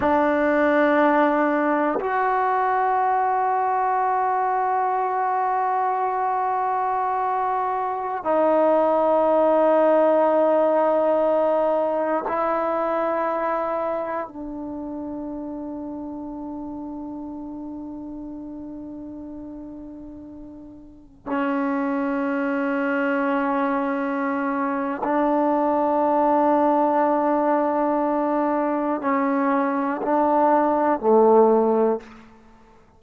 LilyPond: \new Staff \with { instrumentName = "trombone" } { \time 4/4 \tempo 4 = 60 d'2 fis'2~ | fis'1~ | fis'16 dis'2.~ dis'8.~ | dis'16 e'2 d'4.~ d'16~ |
d'1~ | d'4~ d'16 cis'2~ cis'8.~ | cis'4 d'2.~ | d'4 cis'4 d'4 a4 | }